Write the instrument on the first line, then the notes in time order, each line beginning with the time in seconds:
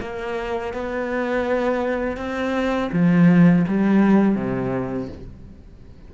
cello
0.00 A#3
0.73 B3
2.17 C4
2.92 F3
3.68 G3
4.35 C3